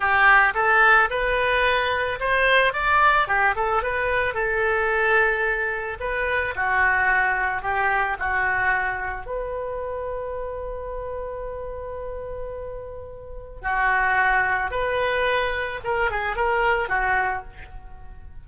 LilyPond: \new Staff \with { instrumentName = "oboe" } { \time 4/4 \tempo 4 = 110 g'4 a'4 b'2 | c''4 d''4 g'8 a'8 b'4 | a'2. b'4 | fis'2 g'4 fis'4~ |
fis'4 b'2.~ | b'1~ | b'4 fis'2 b'4~ | b'4 ais'8 gis'8 ais'4 fis'4 | }